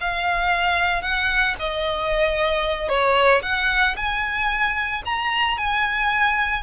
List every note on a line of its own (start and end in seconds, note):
0.00 1.02 F5
1.02 1.55 F#5
1.59 2.89 D#5
2.89 3.42 C#5
3.42 3.95 F#5
3.96 5.02 G#5
5.05 5.58 A#5
5.58 6.63 G#5